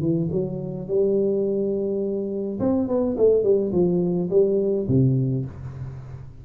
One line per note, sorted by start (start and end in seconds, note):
0.00 0.29 E3
0.31 0.88 F#3
0.88 2.59 G3
2.59 2.88 C4
2.88 3.16 B3
3.17 3.43 A3
3.43 3.71 G3
3.72 4.29 F3
4.30 4.87 G3
4.88 5.45 C3